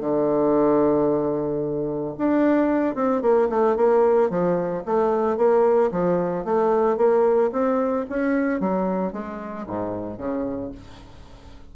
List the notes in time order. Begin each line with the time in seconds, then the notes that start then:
0.00 D3
2.17 D4
2.95 C4
3.21 A#3
3.49 A3
3.76 A#3
4.30 F3
4.85 A3
5.37 A#3
5.91 F3
6.44 A3
6.97 A#3
7.52 C4
8.09 C#4
8.60 F#3
9.12 G#3
9.66 G#2
10.18 C#3